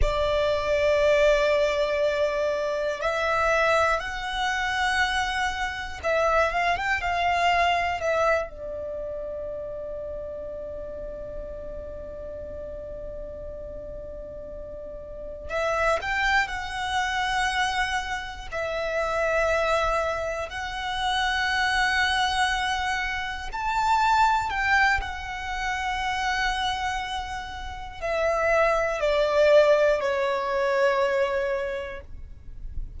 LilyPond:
\new Staff \with { instrumentName = "violin" } { \time 4/4 \tempo 4 = 60 d''2. e''4 | fis''2 e''8 f''16 g''16 f''4 | e''8 d''2.~ d''8~ | d''2.~ d''8 e''8 |
g''8 fis''2 e''4.~ | e''8 fis''2. a''8~ | a''8 g''8 fis''2. | e''4 d''4 cis''2 | }